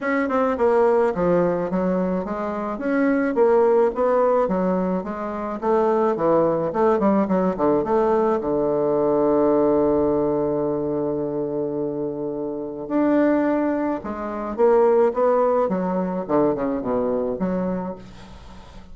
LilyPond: \new Staff \with { instrumentName = "bassoon" } { \time 4/4 \tempo 4 = 107 cis'8 c'8 ais4 f4 fis4 | gis4 cis'4 ais4 b4 | fis4 gis4 a4 e4 | a8 g8 fis8 d8 a4 d4~ |
d1~ | d2. d'4~ | d'4 gis4 ais4 b4 | fis4 d8 cis8 b,4 fis4 | }